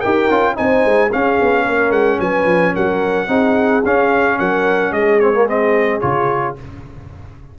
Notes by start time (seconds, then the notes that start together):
0.00 D#4 G4 A#4 G5
0.31 C#4 F4
0.55 C4 D#4 C5 G#5
0.85 G#3
1.13 C#4 G#4 F5
1.42 B3
1.64 A#3 A#4
1.91 G#3 F#5
2.20 F#3 B4 G#5
2.45 F3
2.74 F#3 A#4 F#5
3.28 C4 D#4 G#4
3.85 C#4 F5
4.39 F#3 A#4 F#5
4.92 G#3 G#4 D#5
5.20 C4 C#5
5.34 A#3
5.47 C4 D#5
6.01 C#3 F4 C#5